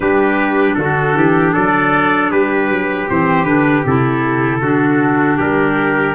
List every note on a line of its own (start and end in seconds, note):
0.00 0.75 G3
0.00 3.07 D4
0.00 0.78 G4
0.00 0.74 B4
0.74 1.15 D3
0.74 1.17 F#4
0.74 1.51 A4
1.15 1.54 E3
1.15 1.53 G4
1.53 2.31 F#3
1.53 2.30 A4
1.53 2.31 D5
2.30 2.69 G3
2.30 4.60 G4
2.30 3.08 B4
2.69 3.07 F#3
3.08 3.44 E3
3.08 3.44 C4
3.08 3.45 C5
3.44 3.82 D3
3.44 3.83 D4
3.44 3.83 B4
3.85 4.61 C3
3.85 4.62 E4
3.85 5.39 A4
4.61 5.38 D3
4.61 6.14 D4
4.61 5.37 F#4
5.37 6.14 G3
5.37 6.14 G4
5.37 6.14 A#4